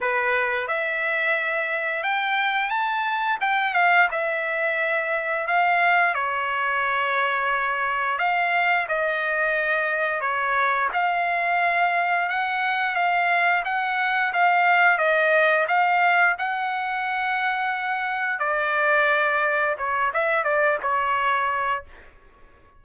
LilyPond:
\new Staff \with { instrumentName = "trumpet" } { \time 4/4 \tempo 4 = 88 b'4 e''2 g''4 | a''4 g''8 f''8 e''2 | f''4 cis''2. | f''4 dis''2 cis''4 |
f''2 fis''4 f''4 | fis''4 f''4 dis''4 f''4 | fis''2. d''4~ | d''4 cis''8 e''8 d''8 cis''4. | }